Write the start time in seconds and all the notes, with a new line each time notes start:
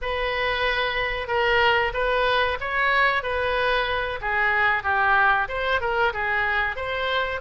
0.01 B4
1.27 A#4
1.93 B4
2.60 C#5
3.23 B4
4.21 G#4
4.83 G4
5.48 C5
5.80 A#4
6.13 G#4
6.76 C5